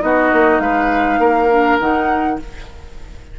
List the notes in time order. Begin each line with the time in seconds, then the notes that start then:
0.00 B3 D#4 F#4 D#5
0.33 A#3
0.60 G#3 B4 F5
1.19 A#3 A#4
1.50 D4
1.80 D#3 D#4 F#5